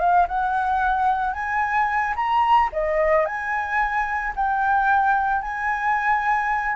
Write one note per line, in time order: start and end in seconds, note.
0.00 0.27 F5
0.28 1.34 F#5
1.34 2.15 G#5
2.16 2.70 A#5
2.73 3.26 D#5
3.26 4.34 G#5
4.36 5.42 G5
5.42 6.77 G#5